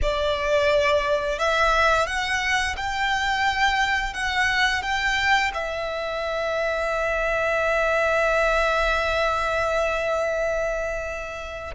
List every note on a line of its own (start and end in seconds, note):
0.02 1.39 D5
1.39 2.06 E5
2.06 2.75 F#5
2.76 4.13 G5
4.13 4.82 F#5
4.82 5.51 G5
5.53 11.74 E5